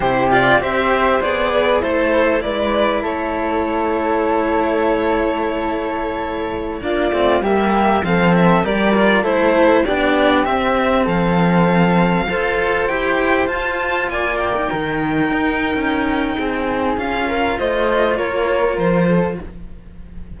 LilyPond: <<
  \new Staff \with { instrumentName = "violin" } { \time 4/4 \tempo 4 = 99 c''8 d''8 e''4 d''4 c''4 | d''4 cis''2.~ | cis''2.~ cis''16 d''8.~ | d''16 e''4 f''8 e''8 d''4 c''8.~ |
c''16 d''4 e''4 f''4.~ f''16~ | f''4~ f''16 g''4 a''4 gis''8 g''16~ | g''1 | f''4 dis''4 cis''4 c''4 | }
  \new Staff \with { instrumentName = "flute" } { \time 4/4 g'4 c''4. b'8 e'4 | b'4 a'2.~ | a'2.~ a'16 f'8.~ | f'16 g'4 a'4 ais'4 a'8.~ |
a'16 g'2 a'4.~ a'16~ | a'16 c''2. d''8.~ | d''16 ais'2~ ais'8. gis'4~ | gis'8 ais'8 c''4 ais'4. a'8 | }
  \new Staff \with { instrumentName = "cello" } { \time 4/4 e'8 f'8 g'4 gis'4 a'4 | e'1~ | e'2.~ e'16 d'8 c'16~ | c'16 ais4 c'4 g'8 f'8 e'8.~ |
e'16 d'4 c'2~ c'8.~ | c'16 a'4 g'4 f'4.~ f'16 | dis'1 | f'1 | }
  \new Staff \with { instrumentName = "cello" } { \time 4/4 c4 c'4 b4 a4 | gis4 a2.~ | a2.~ a16 ais8 a16~ | a16 g4 f4 g4 a8.~ |
a16 b4 c'4 f4.~ f16~ | f16 f'4 e'4 f'4 ais8.~ | ais16 dis4 dis'8. cis'4 c'4 | cis'4 a4 ais4 f4 | }
>>